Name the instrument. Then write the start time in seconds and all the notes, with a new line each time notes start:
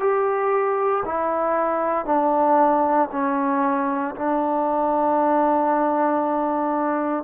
trombone
0.00 G4
1.05 E4
2.05 D4
3.12 C#4
4.16 D4